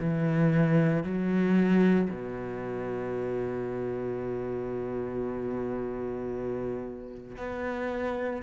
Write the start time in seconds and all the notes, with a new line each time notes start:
0.00 E3
1.04 F#3
2.11 B2
7.38 B3